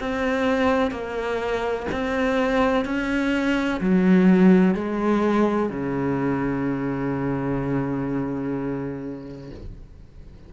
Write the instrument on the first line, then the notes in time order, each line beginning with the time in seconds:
cello
0.00 C4
0.92 A#3
1.92 C4
2.86 C#4
3.81 F#3
4.75 G#3
5.70 C#3